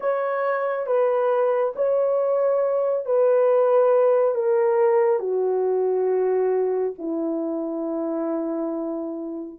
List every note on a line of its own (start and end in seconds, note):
0.00 0.86 C#5
0.86 1.73 B4
1.75 3.05 C#5
3.05 4.34 B4
4.34 5.19 A#4
5.19 6.93 F#4
6.98 9.58 E4